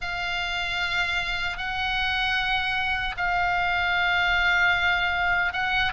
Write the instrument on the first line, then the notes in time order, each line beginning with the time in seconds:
oboe
0.01 F5
1.57 F#5
3.17 F5
5.53 F#5